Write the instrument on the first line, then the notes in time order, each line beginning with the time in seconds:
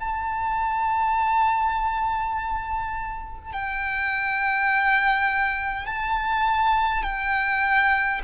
violin
0.00 A5
3.53 G5
5.87 A5
7.03 G5